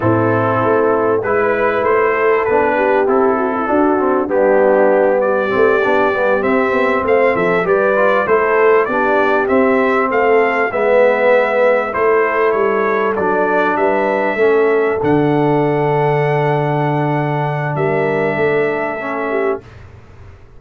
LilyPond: <<
  \new Staff \with { instrumentName = "trumpet" } { \time 4/4 \tempo 4 = 98 a'2 b'4 c''4 | b'4 a'2 g'4~ | g'8 d''2 e''4 f''8 | e''8 d''4 c''4 d''4 e''8~ |
e''8 f''4 e''2 c''8~ | c''8 cis''4 d''4 e''4.~ | e''8 fis''2.~ fis''8~ | fis''4 e''2. | }
  \new Staff \with { instrumentName = "horn" } { \time 4/4 e'2 b'4. a'8~ | a'8 g'4 fis'16 e'16 fis'4 d'4~ | d'8 g'2. c''8 | a'8 b'4 a'4 g'4.~ |
g'8 a'4 b'2 a'8~ | a'2~ a'8 b'4 a'8~ | a'1~ | a'4 ais'4 a'4. g'8 | }
  \new Staff \with { instrumentName = "trombone" } { \time 4/4 c'2 e'2 | d'4 e'4 d'8 c'8 b4~ | b4 c'8 d'8 b8 c'4.~ | c'8 g'8 f'8 e'4 d'4 c'8~ |
c'4. b2 e'8~ | e'4. d'2 cis'8~ | cis'8 d'2.~ d'8~ | d'2. cis'4 | }
  \new Staff \with { instrumentName = "tuba" } { \time 4/4 a,4 a4 gis4 a4 | b4 c'4 d'4 g4~ | g4 a8 b8 g8 c'8 b8 a8 | f8 g4 a4 b4 c'8~ |
c'8 a4 gis2 a8~ | a8 g4 fis4 g4 a8~ | a8 d2.~ d8~ | d4 g4 a2 | }
>>